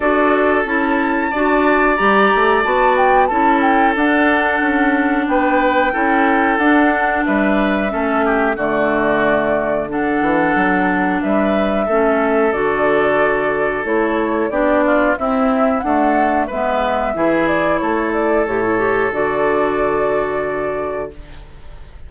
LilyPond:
<<
  \new Staff \with { instrumentName = "flute" } { \time 4/4 \tempo 4 = 91 d''4 a''2 ais''4 | a''8 g''8 a''8 g''8 fis''2 | g''2 fis''4 e''4~ | e''4 d''2 fis''4~ |
fis''4 e''2 d''4~ | d''4 cis''4 d''4 e''4 | fis''4 e''4. d''8 cis''8 d''8 | cis''4 d''2. | }
  \new Staff \with { instrumentName = "oboe" } { \time 4/4 a'2 d''2~ | d''4 a'2. | b'4 a'2 b'4 | a'8 g'8 fis'2 a'4~ |
a'4 b'4 a'2~ | a'2 g'8 f'8 e'4 | a'4 b'4 gis'4 a'4~ | a'1 | }
  \new Staff \with { instrumentName = "clarinet" } { \time 4/4 fis'4 e'4 fis'4 g'4 | fis'4 e'4 d'2~ | d'4 e'4 d'2 | cis'4 a2 d'4~ |
d'2 cis'4 fis'4~ | fis'4 e'4 d'4 c'4 | a4 b4 e'2 | g'16 e'16 g'8 fis'2. | }
  \new Staff \with { instrumentName = "bassoon" } { \time 4/4 d'4 cis'4 d'4 g8 a8 | b4 cis'4 d'4 cis'4 | b4 cis'4 d'4 g4 | a4 d2~ d8 e8 |
fis4 g4 a4 d4~ | d4 a4 b4 c'4 | d'4 gis4 e4 a4 | a,4 d2. | }
>>